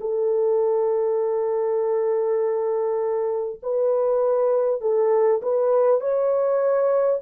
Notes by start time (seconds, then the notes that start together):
0.00 A4
3.62 B4
4.81 A4
5.42 B4
6.00 C#5